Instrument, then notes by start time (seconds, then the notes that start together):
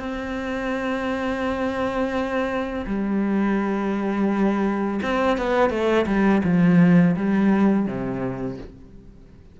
cello
0.00 C4
2.87 G3
5.03 C4
5.38 B3
5.70 A3
6.06 G3
6.44 F3
7.17 G3
7.87 C3